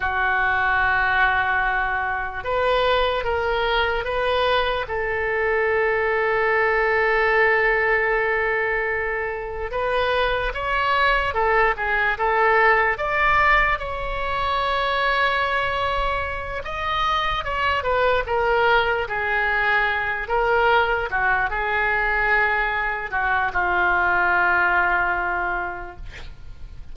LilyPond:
\new Staff \with { instrumentName = "oboe" } { \time 4/4 \tempo 4 = 74 fis'2. b'4 | ais'4 b'4 a'2~ | a'1 | b'4 cis''4 a'8 gis'8 a'4 |
d''4 cis''2.~ | cis''8 dis''4 cis''8 b'8 ais'4 gis'8~ | gis'4 ais'4 fis'8 gis'4.~ | gis'8 fis'8 f'2. | }